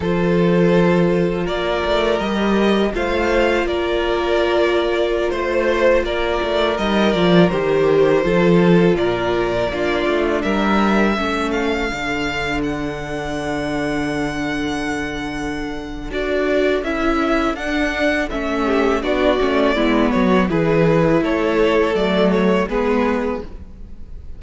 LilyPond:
<<
  \new Staff \with { instrumentName = "violin" } { \time 4/4 \tempo 4 = 82 c''2 d''4 dis''4 | f''4 d''2~ d''16 c''8.~ | c''16 d''4 dis''8 d''8 c''4.~ c''16~ | c''16 d''2 e''4. f''16~ |
f''4~ f''16 fis''2~ fis''8.~ | fis''2 d''4 e''4 | fis''4 e''4 d''4. cis''8 | b'4 cis''4 d''8 cis''8 b'4 | }
  \new Staff \with { instrumentName = "violin" } { \time 4/4 a'2 ais'2 | c''4 ais'2~ ais'16 c''8.~ | c''16 ais'2. a'8.~ | a'16 ais'4 f'4 ais'4 a'8.~ |
a'1~ | a'1~ | a'4. g'8 fis'4 e'8 fis'8 | gis'4 a'2 gis'4 | }
  \new Staff \with { instrumentName = "viola" } { \time 4/4 f'2. g'4 | f'1~ | f'4~ f'16 dis'8 f'8 g'4 f'8.~ | f'4~ f'16 d'2 cis'8.~ |
cis'16 d'2.~ d'8.~ | d'2 fis'4 e'4 | d'4 cis'4 d'8 cis'8 b4 | e'2 a4 b4 | }
  \new Staff \with { instrumentName = "cello" } { \time 4/4 f2 ais8 a8 g4 | a4 ais2~ ais16 a8.~ | a16 ais8 a8 g8 f8 dis4 f8.~ | f16 ais,4 ais8 a8 g4 a8.~ |
a16 d2.~ d8.~ | d2 d'4 cis'4 | d'4 a4 b8 a8 gis8 fis8 | e4 a4 fis4 gis4 | }
>>